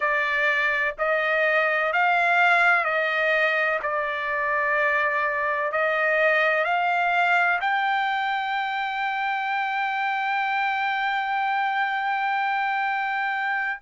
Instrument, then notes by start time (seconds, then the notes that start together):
trumpet
0.00 D5
0.98 D#5
1.92 F5
2.84 D#5
3.82 D5
5.71 D#5
6.64 F5
7.61 G5